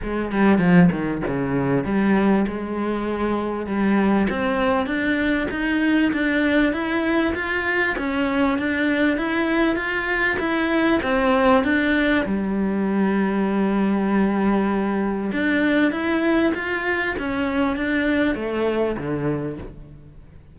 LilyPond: \new Staff \with { instrumentName = "cello" } { \time 4/4 \tempo 4 = 98 gis8 g8 f8 dis8 cis4 g4 | gis2 g4 c'4 | d'4 dis'4 d'4 e'4 | f'4 cis'4 d'4 e'4 |
f'4 e'4 c'4 d'4 | g1~ | g4 d'4 e'4 f'4 | cis'4 d'4 a4 d4 | }